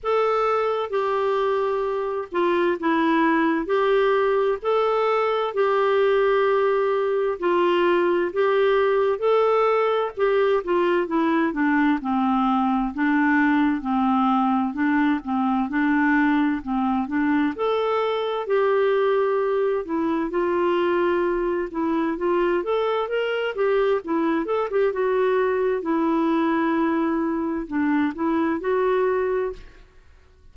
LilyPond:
\new Staff \with { instrumentName = "clarinet" } { \time 4/4 \tempo 4 = 65 a'4 g'4. f'8 e'4 | g'4 a'4 g'2 | f'4 g'4 a'4 g'8 f'8 | e'8 d'8 c'4 d'4 c'4 |
d'8 c'8 d'4 c'8 d'8 a'4 | g'4. e'8 f'4. e'8 | f'8 a'8 ais'8 g'8 e'8 a'16 g'16 fis'4 | e'2 d'8 e'8 fis'4 | }